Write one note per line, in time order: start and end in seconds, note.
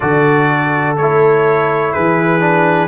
0.00 0.97 D3
0.00 0.96 F#4
0.00 1.93 A4
0.00 0.96 D5
0.97 1.94 A3
0.97 2.40 E4
0.97 1.92 C#5
1.92 2.87 E3
1.92 2.87 G#4
1.92 2.87 B4
2.40 2.87 D4